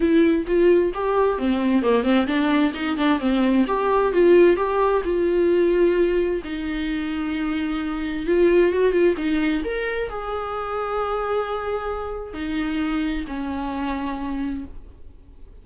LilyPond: \new Staff \with { instrumentName = "viola" } { \time 4/4 \tempo 4 = 131 e'4 f'4 g'4 c'4 | ais8 c'8 d'4 dis'8 d'8 c'4 | g'4 f'4 g'4 f'4~ | f'2 dis'2~ |
dis'2 f'4 fis'8 f'8 | dis'4 ais'4 gis'2~ | gis'2. dis'4~ | dis'4 cis'2. | }